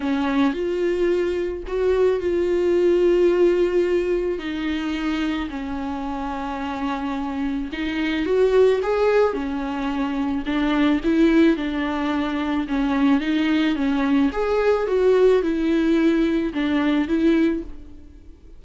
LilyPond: \new Staff \with { instrumentName = "viola" } { \time 4/4 \tempo 4 = 109 cis'4 f'2 fis'4 | f'1 | dis'2 cis'2~ | cis'2 dis'4 fis'4 |
gis'4 cis'2 d'4 | e'4 d'2 cis'4 | dis'4 cis'4 gis'4 fis'4 | e'2 d'4 e'4 | }